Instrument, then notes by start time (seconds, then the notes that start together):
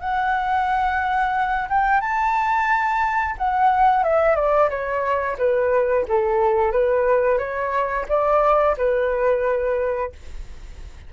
flute
0.00 F#5
1.69 G5
2.00 A5
3.38 F#5
4.03 E5
4.35 D5
4.69 C#5
5.38 B4
6.08 A4
6.72 B4
7.38 C#5
8.09 D5
8.77 B4